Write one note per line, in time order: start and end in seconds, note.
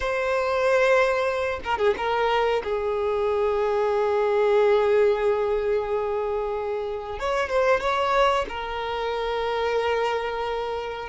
0.00 1.60 C5
1.64 1.78 A#4
1.78 1.94 G#4
1.97 2.62 A#4
2.63 7.19 G#4
7.19 7.49 C#5
7.49 7.80 C5
7.80 8.45 C#5
8.48 11.09 A#4